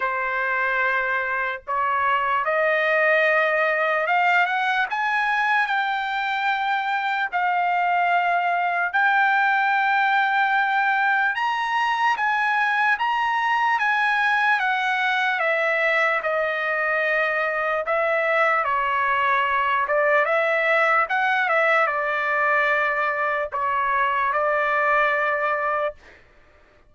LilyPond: \new Staff \with { instrumentName = "trumpet" } { \time 4/4 \tempo 4 = 74 c''2 cis''4 dis''4~ | dis''4 f''8 fis''8 gis''4 g''4~ | g''4 f''2 g''4~ | g''2 ais''4 gis''4 |
ais''4 gis''4 fis''4 e''4 | dis''2 e''4 cis''4~ | cis''8 d''8 e''4 fis''8 e''8 d''4~ | d''4 cis''4 d''2 | }